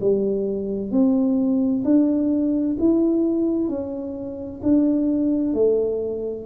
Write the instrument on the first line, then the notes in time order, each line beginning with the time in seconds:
tuba
0.00 G3
0.91 C4
1.84 D4
2.79 E4
3.68 C#4
4.62 D4
5.53 A3